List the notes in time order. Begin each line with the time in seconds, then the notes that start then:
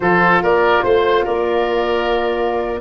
0.00 F3 F4 A4 C5
0.41 A#3 A#4 D5
0.82 A3 C5
1.24 A#3 A#4 D5